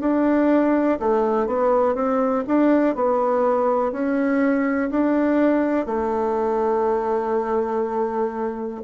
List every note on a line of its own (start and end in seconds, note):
0.00 0.98 D4
0.99 1.47 A3
1.47 1.94 B3
1.94 2.44 C4
2.47 2.95 D4
2.95 3.92 B3
3.92 4.90 C#4
4.90 5.86 D4
5.86 8.81 A3